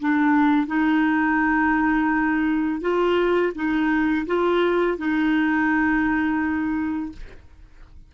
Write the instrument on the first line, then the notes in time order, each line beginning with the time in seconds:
clarinet
0.00 D4
0.67 D#4
2.81 F4
3.55 D#4
4.26 F4
4.98 D#4